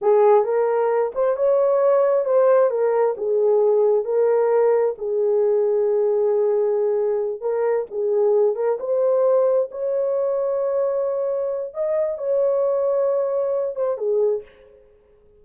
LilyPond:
\new Staff \with { instrumentName = "horn" } { \time 4/4 \tempo 4 = 133 gis'4 ais'4. c''8 cis''4~ | cis''4 c''4 ais'4 gis'4~ | gis'4 ais'2 gis'4~ | gis'1~ |
gis'8 ais'4 gis'4. ais'8 c''8~ | c''4. cis''2~ cis''8~ | cis''2 dis''4 cis''4~ | cis''2~ cis''8 c''8 gis'4 | }